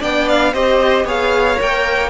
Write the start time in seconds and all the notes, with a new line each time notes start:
0.00 B3 D4 D5 G5
0.29 F5
0.53 C4 G4 C5 D#5
1.04 B3 G#4 C#5 F5
1.56 A#3 A#4 G5